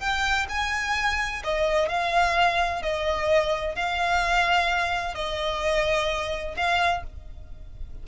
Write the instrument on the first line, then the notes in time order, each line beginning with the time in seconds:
violin
0.00 G5
0.49 G#5
1.44 D#5
1.89 F5
2.83 D#5
3.76 F5
5.15 D#5
6.57 F5